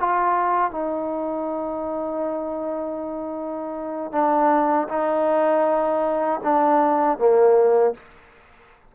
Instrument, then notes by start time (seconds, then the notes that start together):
trombone
0.00 F4
0.71 D#4
4.12 D4
4.88 D#4
6.43 D4
7.18 A#3